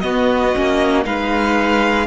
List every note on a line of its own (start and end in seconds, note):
0.00 0.54 B3
0.00 0.55 B3
0.00 1.06 F#4
0.00 1.03 D#5
0.54 1.05 A#3
0.54 1.04 C#4
1.04 2.06 G#3
1.04 2.06 D#4
1.04 2.06 B4
1.04 2.06 F5